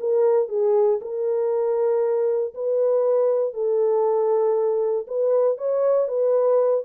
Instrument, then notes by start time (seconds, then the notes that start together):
horn
0.00 A#4
0.49 G#4
1.01 A#4
2.55 B4
3.54 A4
5.08 B4
5.58 C#5
6.08 B4